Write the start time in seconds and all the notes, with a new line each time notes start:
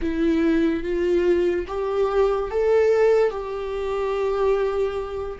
0.01 E4
0.83 F4
1.67 G4
2.50 A4
3.30 G4